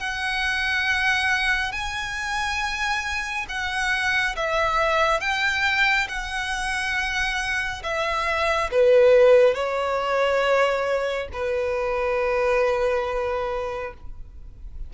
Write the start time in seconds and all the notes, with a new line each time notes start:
0.00 F#5
1.72 G#5
3.49 F#5
4.36 E5
5.21 G5
6.09 F#5
7.83 E5
8.72 B4
9.55 C#5
11.33 B4